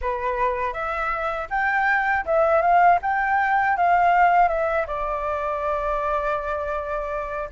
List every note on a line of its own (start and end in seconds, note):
0.01 0.73 B4
0.73 1.48 E5
1.50 2.25 G5
2.25 2.61 E5
2.61 2.99 F5
3.01 3.76 G5
3.77 4.48 F5
4.48 4.85 E5
4.86 7.49 D5